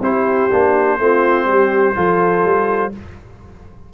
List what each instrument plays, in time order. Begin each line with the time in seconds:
0.00 tuba C4, trombone E4, horn G4, trumpet C5
0.51 tuba A#3, trombone D4
0.98 tuba A3, trombone C4, horn F4
1.45 tuba G3, horn G4
1.95 tuba F3, trombone F4, horn A4
2.44 tuba G3